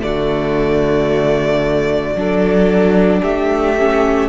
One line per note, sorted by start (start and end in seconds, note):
0.00 2.15 D3
0.00 2.14 A3
0.00 2.18 F#4
0.00 3.22 D5
2.15 3.22 F#3
2.15 3.77 D4
2.15 3.22 A4
3.22 4.29 A3
3.22 4.29 G4
3.22 4.29 E5
3.78 4.29 C#4